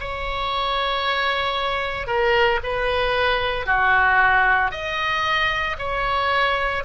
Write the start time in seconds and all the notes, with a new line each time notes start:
0.00 C#5
2.07 A#4
2.63 B4
3.66 F#4
4.71 D#5
5.78 C#5